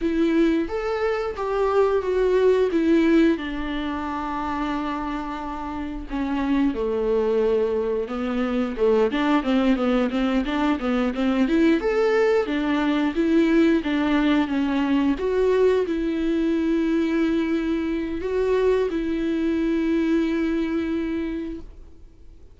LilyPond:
\new Staff \with { instrumentName = "viola" } { \time 4/4 \tempo 4 = 89 e'4 a'4 g'4 fis'4 | e'4 d'2.~ | d'4 cis'4 a2 | b4 a8 d'8 c'8 b8 c'8 d'8 |
b8 c'8 e'8 a'4 d'4 e'8~ | e'8 d'4 cis'4 fis'4 e'8~ | e'2. fis'4 | e'1 | }